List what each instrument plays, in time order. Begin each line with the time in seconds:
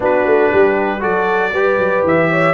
0.00 tuba B3, trombone D4, horn F#4, trumpet B4
0.25 tuba A3
0.51 tuba G3, horn G4
0.99 tuba F#3, trombone F#4, horn A4, trumpet D5
1.53 tuba G3, trombone G4, horn B4
1.77 tuba F#3
2.03 tuba E3, trumpet E5
2.30 horn C#5